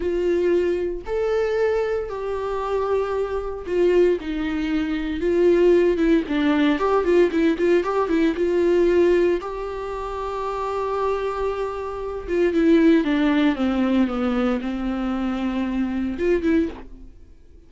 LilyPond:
\new Staff \with { instrumentName = "viola" } { \time 4/4 \tempo 4 = 115 f'2 a'2 | g'2. f'4 | dis'2 f'4. e'8 | d'4 g'8 f'8 e'8 f'8 g'8 e'8 |
f'2 g'2~ | g'2.~ g'8 f'8 | e'4 d'4 c'4 b4 | c'2. f'8 e'8 | }